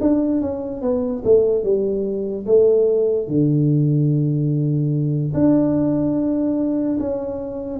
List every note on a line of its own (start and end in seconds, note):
0.00 0.41 D4
0.41 0.81 C#4
0.81 1.23 B3
1.24 1.63 A3
1.63 2.45 G3
2.45 3.27 A3
3.27 5.33 D3
5.34 6.98 D4
6.99 7.79 C#4